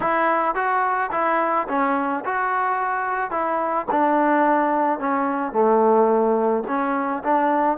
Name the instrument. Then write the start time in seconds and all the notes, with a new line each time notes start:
trombone
0.00 E4
0.55 F#4
1.11 E4
1.68 C#4
2.24 F#4
3.31 E4
3.91 D4
4.99 C#4
5.52 A3
6.67 C#4
7.23 D4